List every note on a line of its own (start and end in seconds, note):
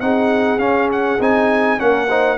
0.00 0.59 C4
0.00 0.59 D#4
0.00 1.81 G#4
0.00 0.59 F#5
0.59 1.18 C#4
0.59 1.19 C#4
0.59 0.89 F5
0.92 1.22 F#5
1.19 1.79 C4
1.19 1.78 D#4
1.19 1.80 G#5
1.78 2.37 A#3
1.78 2.08 C#4
1.78 2.08 A#4
1.78 2.37 F#5
2.08 2.37 D#4
2.08 2.37 C5